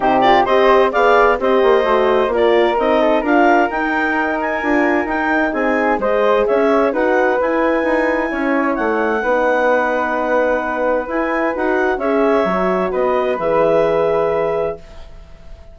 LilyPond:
<<
  \new Staff \with { instrumentName = "clarinet" } { \time 4/4 \tempo 4 = 130 c''8 d''8 dis''4 f''4 dis''4~ | dis''4 d''4 dis''4 f''4 | g''4. gis''4. g''4 | gis''4 dis''4 e''4 fis''4 |
gis''2. fis''4~ | fis''1 | gis''4 fis''4 e''2 | dis''4 e''2. | }
  \new Staff \with { instrumentName = "flute" } { \time 4/4 g'4 c''4 d''4 c''4~ | c''4 ais'4. a'8 ais'4~ | ais'1 | gis'4 c''4 cis''4 b'4~ |
b'2 cis''2 | b'1~ | b'2 cis''2 | b'1 | }
  \new Staff \with { instrumentName = "horn" } { \time 4/4 dis'8 f'8 g'4 gis'4 g'4 | fis'4 f'4 dis'4 f'4 | dis'2 f'4 dis'4~ | dis'4 gis'2 fis'4 |
e'1 | dis'1 | e'4 fis'4 gis'4 fis'4~ | fis'4 gis'2. | }
  \new Staff \with { instrumentName = "bassoon" } { \time 4/4 c4 c'4 b4 c'8 ais8 | a4 ais4 c'4 d'4 | dis'2 d'4 dis'4 | c'4 gis4 cis'4 dis'4 |
e'4 dis'4 cis'4 a4 | b1 | e'4 dis'4 cis'4 fis4 | b4 e2. | }
>>